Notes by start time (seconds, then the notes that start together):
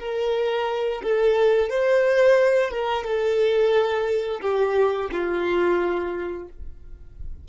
0.00 A#4
1.03 A4
1.70 C5
2.71 A#4
3.05 A4
4.42 G4
5.12 F4